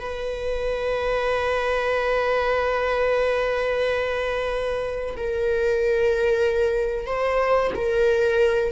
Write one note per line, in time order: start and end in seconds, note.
0.00 5.16 B4
5.17 7.07 A#4
7.07 7.71 C5
7.75 8.72 A#4